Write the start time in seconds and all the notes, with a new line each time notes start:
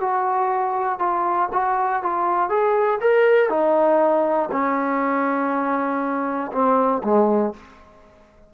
0.00 F#4
0.99 F4
1.52 F#4
2.02 F4
2.49 G#4
3.00 A#4
3.49 D#4
4.51 C#4
6.52 C4
7.03 G#3